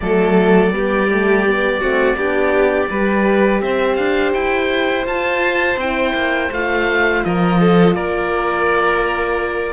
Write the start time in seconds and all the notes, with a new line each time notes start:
0.00 F#3 A3 A4 D5
0.72 G3 B3 G4
1.11 A3
1.47 B3
1.80 A3 C4 F#4
2.15 B3 D4 G4
2.89 G3 G4 B4
3.61 C4 C5 E5
3.95 D4 F5
4.33 E4 G5
5.06 F4 A5
5.77 C4 E4 G5
6.14 A#3
6.51 A3 F4 F5
7.24 F3 A#4 D#5
7.60 A4
7.94 A#3 A#4 D5